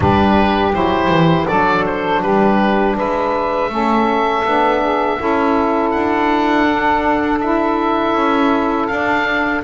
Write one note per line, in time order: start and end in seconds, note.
0.00 0.73 G3
0.00 0.71 D4
0.00 1.47 G4
0.00 0.74 B4
0.73 1.08 F#3
0.73 1.47 E4
0.73 1.47 C5
1.08 1.46 E3
1.47 2.22 F#3
1.47 3.69 D4
1.47 2.21 A4
1.47 1.84 D5
1.86 2.22 C5
2.21 2.96 G3
2.21 2.95 G4
2.21 2.96 B4
2.96 3.69 G#3
2.96 3.70 B4
2.96 5.90 E5
3.69 4.43 A3
3.69 4.44 C#4
3.69 4.81 A4
4.44 5.18 B3
4.44 5.18 D4
4.81 5.18 G#4
5.18 5.94 C#4
5.18 6.66 E4
5.18 9.63 A4
5.90 8.14 D4
5.90 7.39 F#5
6.69 7.41 D4
7.40 8.89 E4
7.40 8.87 E5
8.14 8.88 C#4
8.87 9.63 D4
8.87 9.61 F5